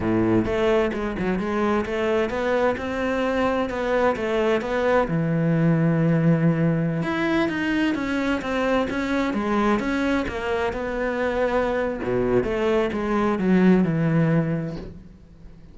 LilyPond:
\new Staff \with { instrumentName = "cello" } { \time 4/4 \tempo 4 = 130 a,4 a4 gis8 fis8 gis4 | a4 b4 c'2 | b4 a4 b4 e4~ | e2.~ e16 e'8.~ |
e'16 dis'4 cis'4 c'4 cis'8.~ | cis'16 gis4 cis'4 ais4 b8.~ | b2 b,4 a4 | gis4 fis4 e2 | }